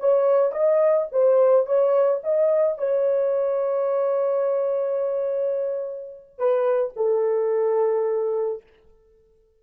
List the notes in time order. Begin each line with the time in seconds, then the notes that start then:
0.00 C#5
0.52 D#5
1.12 C5
1.66 C#5
2.24 D#5
2.78 C#5
6.39 B4
6.97 A4